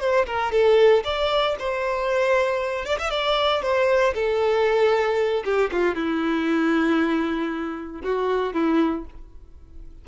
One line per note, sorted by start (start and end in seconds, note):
0.00 0.26 C5
0.26 0.52 A#4
0.52 1.03 A4
1.04 1.56 D5
1.59 2.85 C5
2.85 2.98 D5
2.99 3.10 E5
3.10 3.62 D5
3.62 4.14 C5
4.14 5.44 A4
5.45 5.70 G4
5.72 5.95 F4
5.95 8.02 E4
8.04 8.53 F#4
8.53 9.05 E4